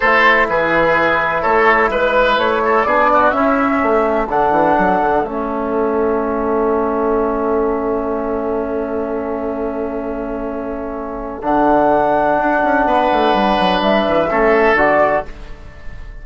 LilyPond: <<
  \new Staff \with { instrumentName = "flute" } { \time 4/4 \tempo 4 = 126 c''4 b'2 cis''4 | b'4 cis''4 d''4 e''4~ | e''4 fis''2 e''4~ | e''1~ |
e''1~ | e''1 | fis''1~ | fis''4 e''2 d''4 | }
  \new Staff \with { instrumentName = "oboe" } { \time 4/4 a'4 gis'2 a'4 | b'4. a'8 gis'8 fis'8 e'4 | a'1~ | a'1~ |
a'1~ | a'1~ | a'2. b'4~ | b'2 a'2 | }
  \new Staff \with { instrumentName = "trombone" } { \time 4/4 e'1~ | e'2 d'4 cis'4~ | cis'4 d'2 cis'4~ | cis'1~ |
cis'1~ | cis'1 | d'1~ | d'2 cis'4 fis'4 | }
  \new Staff \with { instrumentName = "bassoon" } { \time 4/4 a4 e2 a4 | gis4 a4 b4 cis'4 | a4 d8 e8 fis8 d8 a4~ | a1~ |
a1~ | a1 | d2 d'8 cis'8 b8 a8 | g8 fis8 g8 e8 a4 d4 | }
>>